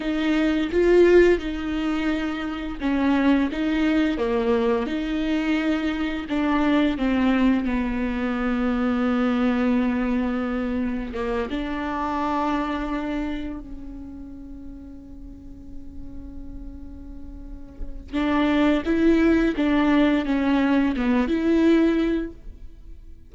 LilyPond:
\new Staff \with { instrumentName = "viola" } { \time 4/4 \tempo 4 = 86 dis'4 f'4 dis'2 | cis'4 dis'4 ais4 dis'4~ | dis'4 d'4 c'4 b4~ | b1 |
ais8 d'2. cis'8~ | cis'1~ | cis'2 d'4 e'4 | d'4 cis'4 b8 e'4. | }